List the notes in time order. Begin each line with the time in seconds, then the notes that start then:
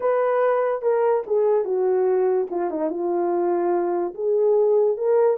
0.00 B4
0.81 A#4
1.26 G#4
1.65 F#4
2.50 F4
2.70 D#4
2.90 F4
4.14 G#4
4.97 A#4